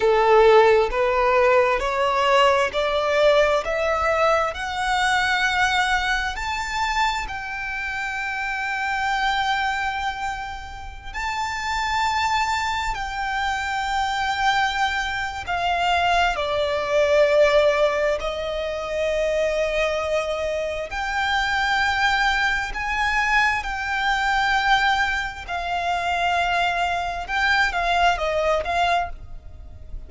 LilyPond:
\new Staff \with { instrumentName = "violin" } { \time 4/4 \tempo 4 = 66 a'4 b'4 cis''4 d''4 | e''4 fis''2 a''4 | g''1~ | g''16 a''2 g''4.~ g''16~ |
g''4 f''4 d''2 | dis''2. g''4~ | g''4 gis''4 g''2 | f''2 g''8 f''8 dis''8 f''8 | }